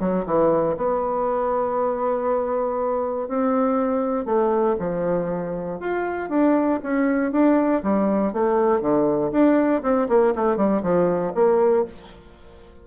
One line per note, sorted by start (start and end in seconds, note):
0.00 0.25 F#3
0.26 0.77 E3
0.77 3.28 B3
3.28 4.26 C4
4.26 4.76 A3
4.79 5.80 F3
5.80 6.30 F4
6.30 6.80 D4
6.83 7.32 C#4
7.32 7.82 D4
7.83 8.33 G3
8.33 8.81 A3
8.81 9.32 D3
9.32 9.83 D4
9.83 10.08 C4
10.09 10.34 A#3
10.36 10.57 A3
10.57 10.82 G3
10.83 11.33 F3
11.35 11.85 A#3